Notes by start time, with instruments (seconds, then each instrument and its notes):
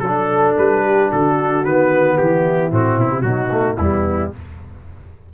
0.00 tuba F#3, trumpet A4, horn A4
0.08 trombone D4
0.58 tuba G3, trumpet B4
0.84 horn G4
1.10 tuba D3, horn F#4, trumpet A4
1.64 tuba D#3, trombone B3, trumpet B4
2.18 tuba E3, horn E4, trumpet G4
2.71 tuba A2, trombone C4, trumpet F#4
2.97 tuba B2, trumpet E4
3.10 tuba C3
3.22 tuba B2, trombone F#3, horn D#4, trumpet F#4
3.51 trombone A3
3.77 tuba E2, trombone G3, horn B3, trumpet E4